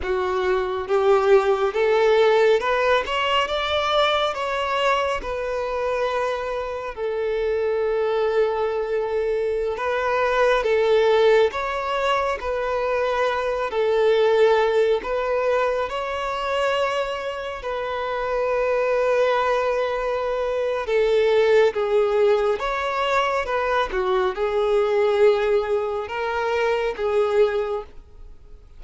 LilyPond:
\new Staff \with { instrumentName = "violin" } { \time 4/4 \tempo 4 = 69 fis'4 g'4 a'4 b'8 cis''8 | d''4 cis''4 b'2 | a'2.~ a'16 b'8.~ | b'16 a'4 cis''4 b'4. a'16~ |
a'4~ a'16 b'4 cis''4.~ cis''16~ | cis''16 b'2.~ b'8. | a'4 gis'4 cis''4 b'8 fis'8 | gis'2 ais'4 gis'4 | }